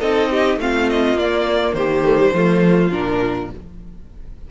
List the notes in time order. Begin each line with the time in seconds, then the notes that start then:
0.00 C4 D#4 A4 D#5
0.30 G4
0.56 A3 C4 F4 F5
0.89 D#5
1.13 A#3 D5
1.73 D#3 G4 C5
2.05 A3
2.18 G3
2.33 F3 A3 F4
2.91 A#2 D4 A#4